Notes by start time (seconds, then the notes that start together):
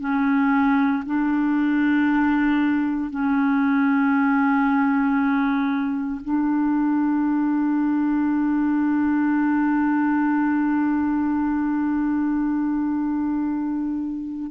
0.00 C#4
1.06 D4
3.10 C#4
6.24 D4